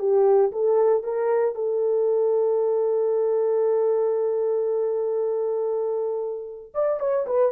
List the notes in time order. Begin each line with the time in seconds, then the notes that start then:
0.00 G4
0.52 A4
1.04 A#4
1.55 A4
6.75 D5
7.00 C#5
7.27 B4